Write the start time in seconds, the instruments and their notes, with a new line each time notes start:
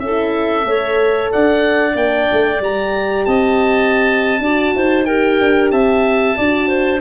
0.00 tuba C#4, clarinet A4, oboe E5
0.07 horn E4
0.63 tuba A3, horn A4, clarinet C#5
1.32 tuba D4, clarinet D5, oboe F#5
1.94 tuba A#3, horn D4, oboe G5
2.32 tuba A3
2.60 tuba G3, horn G4, oboe A#5
3.26 tuba C4, clarinet D#5, oboe A5
4.40 tuba D4, horn F#4, clarinet D5
4.75 tuba D#4, clarinet C5
5.05 horn G4, clarinet A#4, oboe G5
5.40 tuba D4
5.72 tuba C4, clarinet E5, oboe A5
6.37 tuba D4, horn F#4, clarinet D5
6.68 clarinet C5